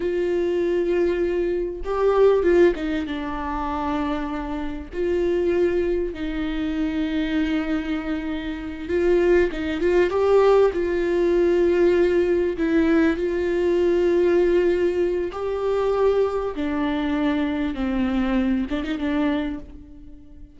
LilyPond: \new Staff \with { instrumentName = "viola" } { \time 4/4 \tempo 4 = 98 f'2. g'4 | f'8 dis'8 d'2. | f'2 dis'2~ | dis'2~ dis'8 f'4 dis'8 |
f'8 g'4 f'2~ f'8~ | f'8 e'4 f'2~ f'8~ | f'4 g'2 d'4~ | d'4 c'4. d'16 dis'16 d'4 | }